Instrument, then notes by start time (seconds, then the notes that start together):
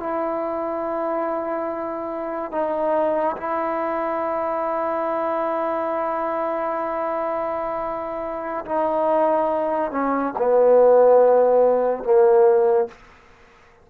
trombone
0.00 E4
2.52 D#4
3.37 E4
8.65 D#4
9.92 C#4
10.39 B3
12.04 A#3